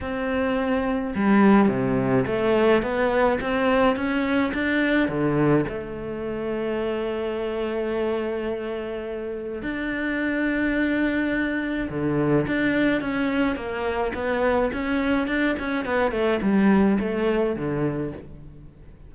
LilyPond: \new Staff \with { instrumentName = "cello" } { \time 4/4 \tempo 4 = 106 c'2 g4 c4 | a4 b4 c'4 cis'4 | d'4 d4 a2~ | a1~ |
a4 d'2.~ | d'4 d4 d'4 cis'4 | ais4 b4 cis'4 d'8 cis'8 | b8 a8 g4 a4 d4 | }